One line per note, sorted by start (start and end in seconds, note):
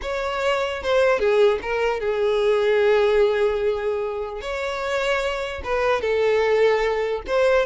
0.02 0.82 C#5
0.83 1.19 C5
1.19 1.59 G#4
1.61 2.00 A#4
2.00 4.41 G#4
4.41 5.62 C#5
5.64 6.01 B4
6.01 7.22 A4
7.26 7.65 C5